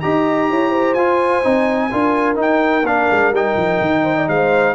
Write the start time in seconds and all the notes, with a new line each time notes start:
0.00 D#4 G4 D#5 A#5
0.50 E4 C#5
0.70 C5
0.94 F4 G#5
1.43 C4 D#4
1.91 D4 F4 A#4
2.35 D#4 G5
2.83 A#3 D4 F5
3.11 G#3
3.31 G3 D#4 G5
3.56 F3
3.81 D#3
4.03 C5
4.16 D5
4.28 G#3 C5 F5